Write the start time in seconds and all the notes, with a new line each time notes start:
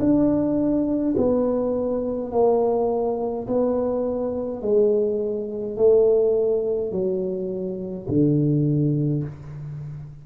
0.00 D4
1.17 B3
2.32 A#3
3.48 B3
4.62 G#3
5.77 A3
6.92 F#3
8.09 D3